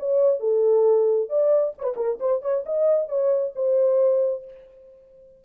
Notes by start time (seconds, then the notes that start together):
0.00 C#5
0.41 A4
1.30 D5
1.78 B4 C#5
1.97 A#4
2.20 C5
2.42 C#5
2.66 D#5
3.09 C#5
3.56 C5